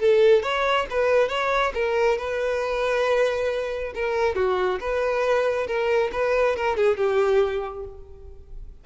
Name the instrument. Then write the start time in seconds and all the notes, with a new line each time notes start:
violin
0.00 A4
0.43 C#5
0.91 B4
1.29 C#5
1.75 A#4
2.18 B4
3.95 A#4
4.36 F#4
4.81 B4
5.67 A#4
6.13 B4
6.57 A#4
6.77 G#4
6.97 G4